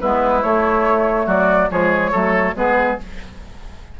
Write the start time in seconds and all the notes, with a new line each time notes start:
0.00 G#3 B3 E4 B4
0.42 A3 C#5
1.26 F#3 F#4 D5
1.69 F3 G#3 G#4 C#5
2.11 F#3 A3 A4
2.55 G#3 B3 G#4 B4